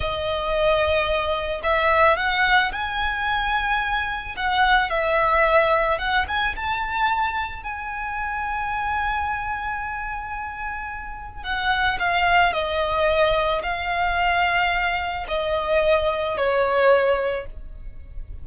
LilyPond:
\new Staff \with { instrumentName = "violin" } { \time 4/4 \tempo 4 = 110 dis''2. e''4 | fis''4 gis''2. | fis''4 e''2 fis''8 gis''8 | a''2 gis''2~ |
gis''1~ | gis''4 fis''4 f''4 dis''4~ | dis''4 f''2. | dis''2 cis''2 | }